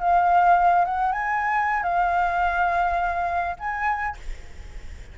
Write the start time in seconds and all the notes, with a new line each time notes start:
0.00 F5
0.85 F#5
1.12 G#5
1.83 F5
3.59 G#5